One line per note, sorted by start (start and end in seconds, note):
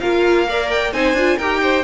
0.00 0.93 A#3
0.00 0.47 F4
0.00 0.47 A#4
0.00 0.69 F5
0.47 0.93 A#4
0.47 0.93 D5
0.70 0.93 G5
0.93 1.13 C4
0.93 1.17 D#4
0.93 1.37 C5
0.93 1.38 G#5
1.13 1.36 D4
1.13 1.40 F4
1.37 1.84 D#4
1.37 1.84 G4
1.37 1.61 A#4
1.37 1.84 G5
1.62 1.84 C5